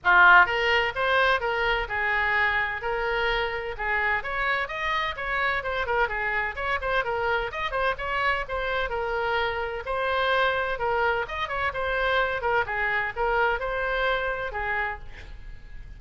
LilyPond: \new Staff \with { instrumentName = "oboe" } { \time 4/4 \tempo 4 = 128 f'4 ais'4 c''4 ais'4 | gis'2 ais'2 | gis'4 cis''4 dis''4 cis''4 | c''8 ais'8 gis'4 cis''8 c''8 ais'4 |
dis''8 c''8 cis''4 c''4 ais'4~ | ais'4 c''2 ais'4 | dis''8 cis''8 c''4. ais'8 gis'4 | ais'4 c''2 gis'4 | }